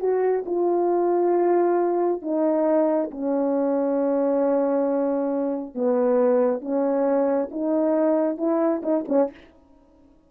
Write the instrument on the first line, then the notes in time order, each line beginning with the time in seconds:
horn
0.00 F#4
0.46 F4
2.22 D#4
3.11 C#4
5.74 B3
6.61 C#4
7.51 D#4
8.37 E4
8.83 D#4
9.08 C#4